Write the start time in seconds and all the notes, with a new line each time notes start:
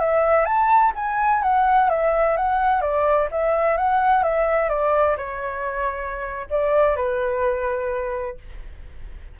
0.00 E5
0.46 A5
0.95 G#5
1.43 F#5
1.90 E5
2.37 F#5
2.82 D5
3.32 E5
3.78 F#5
4.23 E5
4.70 D5
5.17 C#5
6.50 D5
6.96 B4